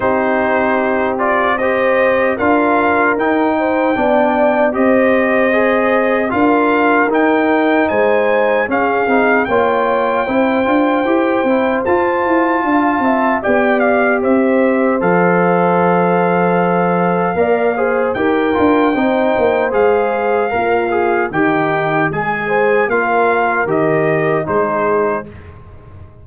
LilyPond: <<
  \new Staff \with { instrumentName = "trumpet" } { \time 4/4 \tempo 4 = 76 c''4. d''8 dis''4 f''4 | g''2 dis''2 | f''4 g''4 gis''4 f''4 | g''2. a''4~ |
a''4 g''8 f''8 e''4 f''4~ | f''2. g''4~ | g''4 f''2 g''4 | gis''4 f''4 dis''4 c''4 | }
  \new Staff \with { instrumentName = "horn" } { \time 4/4 g'2 c''4 ais'4~ | ais'8 c''8 d''4 c''2 | ais'2 c''4 gis'4 | cis''4 c''2. |
f''8 e''8 d''4 c''2~ | c''2 d''8 c''8 ais'4 | c''2 f'4 dis'4 | gis'8 c''8 ais'2 gis'4 | }
  \new Staff \with { instrumentName = "trombone" } { \time 4/4 dis'4. f'8 g'4 f'4 | dis'4 d'4 g'4 gis'4 | f'4 dis'2 cis'8 dis'8 | f'4 e'8 f'8 g'8 e'8 f'4~ |
f'4 g'2 a'4~ | a'2 ais'8 gis'8 g'8 f'8 | dis'4 gis'4 ais'8 gis'8 g'4 | gis'4 f'4 g'4 dis'4 | }
  \new Staff \with { instrumentName = "tuba" } { \time 4/4 c'2. d'4 | dis'4 b4 c'2 | d'4 dis'4 gis4 cis'8 c'8 | ais4 c'8 d'8 e'8 c'8 f'8 e'8 |
d'8 c'8 b4 c'4 f4~ | f2 ais4 dis'8 d'8 | c'8 ais8 gis4 ais4 dis4 | gis4 ais4 dis4 gis4 | }
>>